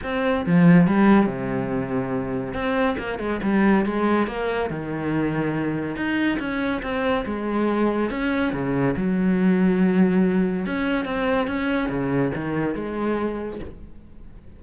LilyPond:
\new Staff \with { instrumentName = "cello" } { \time 4/4 \tempo 4 = 141 c'4 f4 g4 c4~ | c2 c'4 ais8 gis8 | g4 gis4 ais4 dis4~ | dis2 dis'4 cis'4 |
c'4 gis2 cis'4 | cis4 fis2.~ | fis4 cis'4 c'4 cis'4 | cis4 dis4 gis2 | }